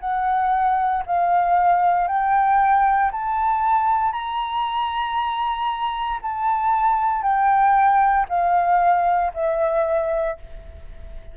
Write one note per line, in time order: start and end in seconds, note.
0.00 1.03 F#5
1.06 2.07 F5
2.07 3.11 G5
3.11 4.12 A5
4.12 6.19 A#5
6.22 7.22 A5
7.22 8.26 G5
8.29 9.32 F5
9.33 10.37 E5